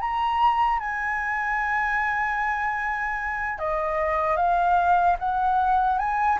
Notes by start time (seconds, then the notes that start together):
0.00 A#5
0.79 G#5
3.59 D#5
4.36 F5
5.19 F#5
5.99 G#5